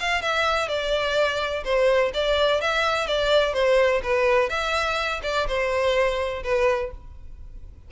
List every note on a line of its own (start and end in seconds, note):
0.00 0.22 F5
0.22 0.68 E5
0.68 1.64 D5
1.64 2.12 C5
2.14 2.61 D5
2.61 3.07 E5
3.07 3.53 D5
3.53 4.01 C5
4.03 4.49 B4
4.49 5.21 E5
5.23 5.47 D5
5.48 6.43 C5
6.43 6.91 B4